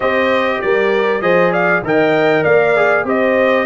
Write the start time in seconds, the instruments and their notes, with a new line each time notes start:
0.00 tuba C4, trombone G4, horn C5, trumpet D#5
0.61 tuba G3, horn A#4, trumpet D5
1.21 tuba F3, trombone G#4, horn C5, trumpet D#5
1.51 horn D5, trumpet F5
1.82 tuba D#3, trombone A#4, horn D#5, trumpet G5
2.43 tuba A#3, horn D5, trumpet F5
2.76 trombone G#4
3.04 tuba C4, trombone G4, horn C5, trumpet D#5